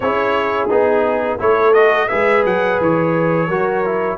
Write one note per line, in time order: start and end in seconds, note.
0.00 0.68 C#4
0.00 0.69 E4
0.00 1.40 G#4
0.00 0.68 C#5
0.69 1.40 B3
0.69 1.38 D#4
0.69 1.40 G#4
1.38 2.10 A3
1.38 1.73 E4
1.38 2.09 A4
1.38 1.73 C#5
1.73 2.08 F#4
1.73 2.08 D#5
2.08 2.44 G#3
2.08 3.48 G#4
2.08 3.48 B4
2.08 2.43 E5
2.44 2.79 F#3
2.44 2.81 F#5
2.80 3.48 E3
2.80 4.18 C#5
3.48 4.18 F#3
3.48 3.85 F#4
3.48 4.18 A#4
3.85 4.18 E4